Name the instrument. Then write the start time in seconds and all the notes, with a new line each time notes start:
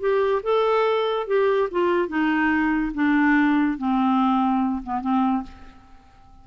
clarinet
0.00 G4
0.43 A4
1.27 G4
1.71 F4
2.08 D#4
2.94 D4
3.78 C4
4.83 B3
5.01 C4